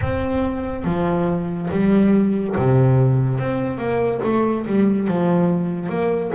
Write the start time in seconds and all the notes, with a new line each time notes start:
0.01 C4
0.84 F3
1.71 G3
2.56 C3
3.38 C4
3.78 A#3
4.23 A3
4.66 G3
5.07 F3
5.89 A#3